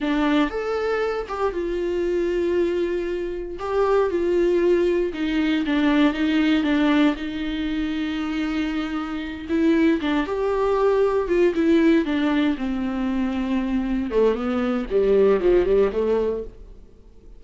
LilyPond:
\new Staff \with { instrumentName = "viola" } { \time 4/4 \tempo 4 = 117 d'4 a'4. g'8 f'4~ | f'2. g'4 | f'2 dis'4 d'4 | dis'4 d'4 dis'2~ |
dis'2~ dis'8 e'4 d'8 | g'2 f'8 e'4 d'8~ | d'8 c'2. a8 | b4 g4 f8 g8 a4 | }